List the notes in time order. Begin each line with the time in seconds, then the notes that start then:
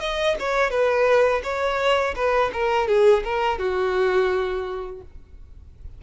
0.00 D#5
0.39 C#5
0.70 B4
1.43 C#5
2.15 B4
2.53 A#4
2.88 G#4
3.24 A#4
3.58 F#4